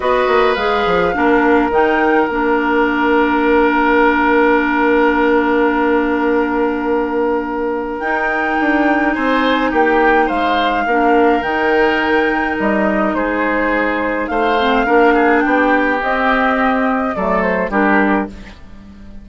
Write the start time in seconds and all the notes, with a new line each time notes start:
0.00 B3 F#4 B4 D#5
0.27 A#3
0.54 G#3 G#4 F5
0.86 F3
1.13 A#3 D4 A#4
1.70 D#3 D#4 G5
2.28 A#3 D4 F5
7.99 D#4 G5
8.60 D4
9.13 C4 C5 G#5
9.70 A#3 G4 G5
10.26 G#3 C5 F5
10.86 A#3 D4 A#4
11.42 D#3 D#4 G5
12.59 G3 D#5
13.13 G#3 G#4 C5
14.27 A3 C5 F5
14.58 C4
14.85 A#3 D4 A#4
15.14 G#4
15.40 B3 G4 G5
15.99 C4 D#5
17.15 F#3 A3 A4 D5
17.42 C5
17.69 G3 D4 G4 A#4